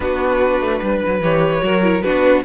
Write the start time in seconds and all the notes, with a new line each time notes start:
0.00 B3 D4 F#4 B4
0.60 A3
0.81 G3 B4
1.06 F#3
1.20 E3 G4 C#5
1.61 F#3 F#4 A#4
1.82 E4
2.02 B3 D4 F#4 B4